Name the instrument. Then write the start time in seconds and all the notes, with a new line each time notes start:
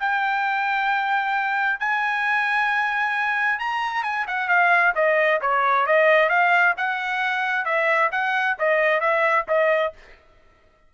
trumpet
0.00 G5
1.80 G#5
3.59 A#5
4.03 G#5
4.28 F#5
4.48 F5
4.96 D#5
5.42 C#5
5.86 D#5
6.30 F5
6.78 F#5
7.65 E5
8.12 F#5
8.59 D#5
9.01 E5
9.48 D#5